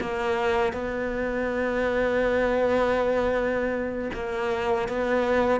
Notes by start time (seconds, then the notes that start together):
0.00 A#3
0.72 B3
4.14 A#3
4.88 B3